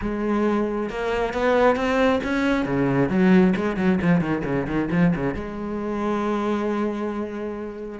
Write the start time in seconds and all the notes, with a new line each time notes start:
0.01 G#3
0.89 A#3
1.33 B3
1.76 C4
2.23 C#4
2.65 C#3
3.09 F#3
3.56 G#3
3.76 F#3
4.01 F3
4.20 D#3
4.44 C#3
4.66 D#3
4.91 F3
5.15 C#3
5.34 G#3